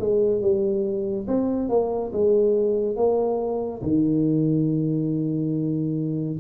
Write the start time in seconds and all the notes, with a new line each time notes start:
0.00 G#3
0.41 G3
1.27 C4
1.69 A#3
2.13 G#3
2.96 A#3
3.82 D#3